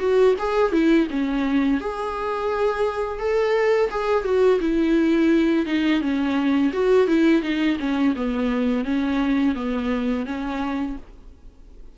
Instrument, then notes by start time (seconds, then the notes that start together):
viola
0.00 F#4
0.39 G#4
0.73 E4
1.11 C#4
1.81 G#4
3.20 A4
3.91 G#4
4.24 F#4
4.61 E4
5.66 D#4
6.02 C#4
6.73 F#4
7.08 E4
7.42 D#4
7.80 C#4
8.16 B3
8.85 C#4
9.56 B3
10.26 C#4